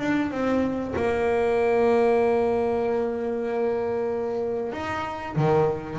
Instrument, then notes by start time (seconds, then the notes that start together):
double bass
0.00 D4
0.32 C4
0.96 A#3
4.73 D#4
5.36 D#3